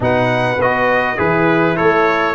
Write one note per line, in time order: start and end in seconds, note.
0.00 0.57 B2
0.00 0.57 D#4
0.00 1.17 B4
0.00 0.61 F#5
0.58 1.17 B3
0.58 1.17 F#4
0.58 1.19 D#5
1.17 1.77 E3
1.17 2.34 E4
1.17 1.75 G#4
1.17 1.76 B4
1.76 2.34 A3
1.76 2.34 A4
1.76 2.34 C#5